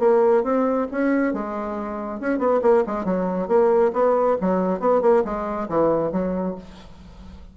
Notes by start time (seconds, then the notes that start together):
0.00 A#3
0.44 C4
0.92 C#4
1.34 G#3
2.21 C#4
2.39 B3
2.62 A#3
2.87 G#3
3.05 F#3
3.48 A#3
3.93 B3
4.41 F#3
4.80 B3
5.02 A#3
5.25 G#3
5.69 E3
6.12 F#3